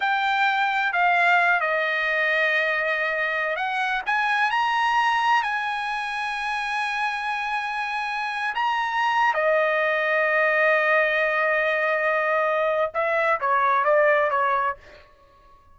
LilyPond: \new Staff \with { instrumentName = "trumpet" } { \time 4/4 \tempo 4 = 130 g''2 f''4. dis''8~ | dis''2.~ dis''8. fis''16~ | fis''8. gis''4 ais''2 gis''16~ | gis''1~ |
gis''2~ gis''8 ais''4.~ | ais''16 dis''2.~ dis''8.~ | dis''1 | e''4 cis''4 d''4 cis''4 | }